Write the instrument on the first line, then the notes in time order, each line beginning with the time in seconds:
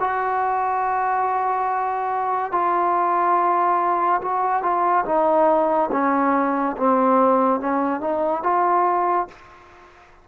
trombone
0.00 F#4
2.52 F4
4.22 F#4
4.63 F4
5.06 D#4
5.92 C#4
6.78 C4
7.61 C#4
8.01 D#4
8.44 F4